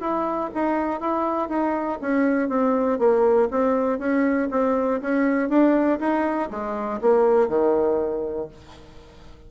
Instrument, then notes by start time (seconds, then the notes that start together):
bassoon
0.00 E4
0.54 D#4
1.00 E4
1.48 D#4
2.01 C#4
2.48 C4
2.98 A#3
3.50 C4
3.98 C#4
4.50 C4
5.01 C#4
5.49 D4
5.99 D#4
6.50 G#3
7.01 A#3
7.48 D#3